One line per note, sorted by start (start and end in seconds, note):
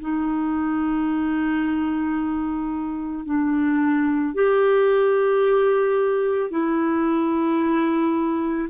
0.00 3.25 D#4
3.25 4.34 D4
4.34 6.50 G4
6.50 8.68 E4